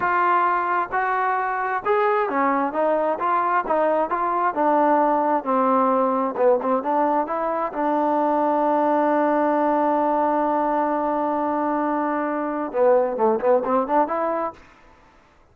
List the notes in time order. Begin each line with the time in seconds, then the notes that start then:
0.00 F4
0.92 F#4
1.85 G#4
2.29 C#4
2.73 D#4
3.19 F4
3.66 D#4
4.09 F4
4.54 D4
5.44 C4
6.36 B3
6.62 C4
6.82 D4
7.26 E4
7.72 D4
12.72 B3
13.16 A3
13.39 B3
13.64 C4
13.87 D4
14.07 E4